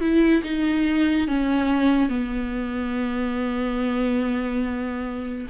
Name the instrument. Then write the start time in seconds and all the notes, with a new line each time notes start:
viola
0.00 E4
0.43 D#4
1.28 C#4
2.09 B3